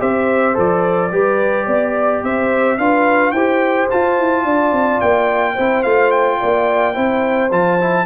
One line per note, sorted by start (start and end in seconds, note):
0.00 0.58 C4
0.00 0.55 G4
0.00 1.12 C5
0.00 0.57 E5
0.55 1.12 F3
0.55 1.10 A4
0.55 2.25 D5
1.12 1.67 G3
1.12 2.79 G4
1.12 1.66 B4
1.66 2.23 B3
1.66 2.21 D5
2.23 2.78 C4
2.23 2.79 C5
2.23 2.78 E5
2.78 3.33 D4
2.78 3.35 F4
2.78 3.33 B4
2.78 3.32 F5
3.32 3.88 E4
3.32 3.90 G4
3.32 4.45 C5
3.32 3.87 G5
3.90 5.57 F4
3.90 4.19 F4
3.90 5.01 A5
4.19 4.45 E4
4.45 4.73 D4
4.45 5.54 D5
4.73 5.01 C4
5.01 5.58 A#3
5.01 5.84 G5
5.54 5.85 C4
5.54 5.85 E4
5.54 6.37 C5
5.84 6.41 A3
5.84 6.95 F4
5.84 6.11 F5
6.11 7.50 G5
6.40 6.97 A#3
6.40 6.95 D5
6.95 7.51 C4
6.95 7.50 E4
6.95 8.06 C5
7.51 8.06 F3
7.51 7.80 F4
7.51 8.06 A5
7.81 8.06 E4